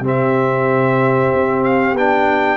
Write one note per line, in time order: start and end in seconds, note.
0.00 1.28 C3
0.00 1.95 C4
0.00 2.57 G4
0.07 1.63 E5
1.33 1.94 C4
1.63 1.95 F5
1.94 2.57 B3
1.94 2.57 D4
1.94 2.57 G5